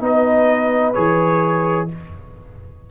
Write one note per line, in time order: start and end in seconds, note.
0.00 0.94 B3
0.00 0.94 D#4
0.00 1.90 B4
0.00 0.94 D#5
0.94 1.90 E3
0.94 1.88 G#4
0.94 1.87 C#5